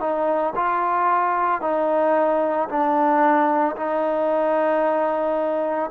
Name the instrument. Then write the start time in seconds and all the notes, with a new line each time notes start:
trombone
0.00 D#4
0.55 F4
1.61 D#4
2.68 D4
3.76 D#4